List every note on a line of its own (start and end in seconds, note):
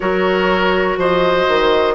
0.00 0.97 F#3
0.00 1.94 F#4
0.00 0.99 A#4
0.00 0.97 C#5
0.97 1.46 F3
0.97 1.94 C5
0.97 1.94 D#5
1.47 1.94 D#3